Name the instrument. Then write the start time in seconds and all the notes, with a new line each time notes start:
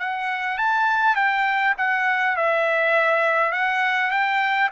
trumpet
0.00 F#5
0.58 A5
1.16 G5
1.78 F#5
2.37 E5
3.52 F#5
4.11 G5